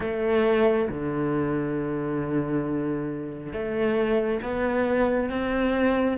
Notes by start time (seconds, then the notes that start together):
0.00 A3
0.89 D3
3.52 A3
4.42 B3
5.29 C4